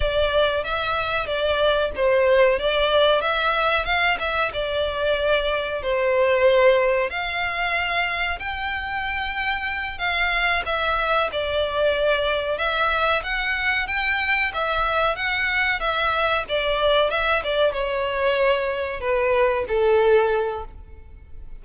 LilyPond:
\new Staff \with { instrumentName = "violin" } { \time 4/4 \tempo 4 = 93 d''4 e''4 d''4 c''4 | d''4 e''4 f''8 e''8 d''4~ | d''4 c''2 f''4~ | f''4 g''2~ g''8 f''8~ |
f''8 e''4 d''2 e''8~ | e''8 fis''4 g''4 e''4 fis''8~ | fis''8 e''4 d''4 e''8 d''8 cis''8~ | cis''4. b'4 a'4. | }